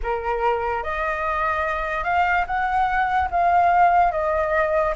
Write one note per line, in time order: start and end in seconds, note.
0.03 0.83 A#4
0.83 2.04 D#5
2.04 2.45 F5
2.46 3.28 F#5
3.30 4.11 F5
4.11 4.94 D#5